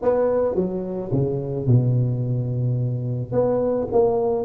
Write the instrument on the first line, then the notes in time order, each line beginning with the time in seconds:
tuba
0.02 B3
0.55 F#3
1.12 C#3
1.67 B2
3.32 B3
3.91 A#3